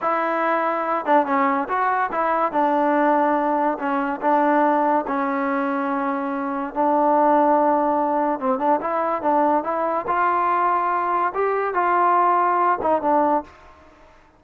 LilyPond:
\new Staff \with { instrumentName = "trombone" } { \time 4/4 \tempo 4 = 143 e'2~ e'8 d'8 cis'4 | fis'4 e'4 d'2~ | d'4 cis'4 d'2 | cis'1 |
d'1 | c'8 d'8 e'4 d'4 e'4 | f'2. g'4 | f'2~ f'8 dis'8 d'4 | }